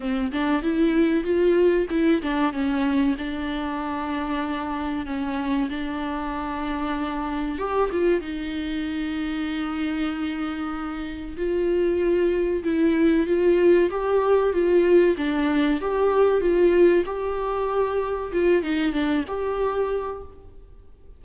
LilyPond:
\new Staff \with { instrumentName = "viola" } { \time 4/4 \tempo 4 = 95 c'8 d'8 e'4 f'4 e'8 d'8 | cis'4 d'2. | cis'4 d'2. | g'8 f'8 dis'2.~ |
dis'2 f'2 | e'4 f'4 g'4 f'4 | d'4 g'4 f'4 g'4~ | g'4 f'8 dis'8 d'8 g'4. | }